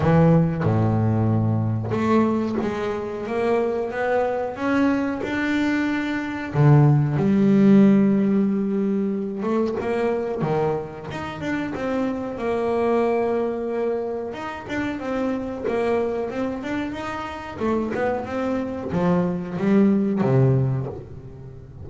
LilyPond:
\new Staff \with { instrumentName = "double bass" } { \time 4/4 \tempo 4 = 92 e4 a,2 a4 | gis4 ais4 b4 cis'4 | d'2 d4 g4~ | g2~ g8 a8 ais4 |
dis4 dis'8 d'8 c'4 ais4~ | ais2 dis'8 d'8 c'4 | ais4 c'8 d'8 dis'4 a8 b8 | c'4 f4 g4 c4 | }